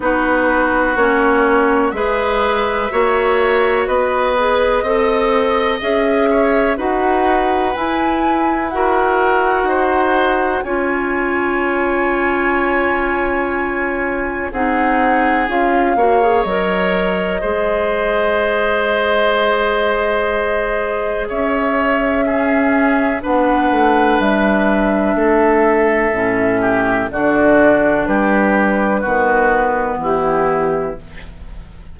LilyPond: <<
  \new Staff \with { instrumentName = "flute" } { \time 4/4 \tempo 4 = 62 b'4 cis''4 e''2 | dis''2 e''4 fis''4 | gis''4 fis''2 gis''4~ | gis''2. fis''4 |
f''4 dis''2.~ | dis''2 e''2 | fis''4 e''2. | d''4 b'2 g'4 | }
  \new Staff \with { instrumentName = "oboe" } { \time 4/4 fis'2 b'4 cis''4 | b'4 dis''4. cis''8 b'4~ | b'4 ais'4 c''4 cis''4~ | cis''2. gis'4~ |
gis'8 cis''4. c''2~ | c''2 cis''4 gis'4 | b'2 a'4. g'8 | fis'4 g'4 fis'4 e'4 | }
  \new Staff \with { instrumentName = "clarinet" } { \time 4/4 dis'4 cis'4 gis'4 fis'4~ | fis'8 gis'8 a'4 gis'4 fis'4 | e'4 fis'2 f'4~ | f'2. dis'4 |
f'8 fis'16 gis'16 ais'4 gis'2~ | gis'2. cis'4 | d'2. cis'4 | d'2 b2 | }
  \new Staff \with { instrumentName = "bassoon" } { \time 4/4 b4 ais4 gis4 ais4 | b4 c'4 cis'4 dis'4 | e'2 dis'4 cis'4~ | cis'2. c'4 |
cis'8 ais8 fis4 gis2~ | gis2 cis'2 | b8 a8 g4 a4 a,4 | d4 g4 dis4 e4 | }
>>